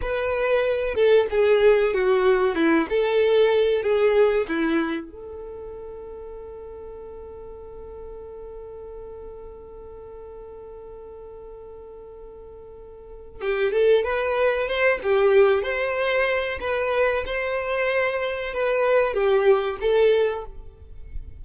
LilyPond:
\new Staff \with { instrumentName = "violin" } { \time 4/4 \tempo 4 = 94 b'4. a'8 gis'4 fis'4 | e'8 a'4. gis'4 e'4 | a'1~ | a'1~ |
a'1~ | a'4 g'8 a'8 b'4 c''8 g'8~ | g'8 c''4. b'4 c''4~ | c''4 b'4 g'4 a'4 | }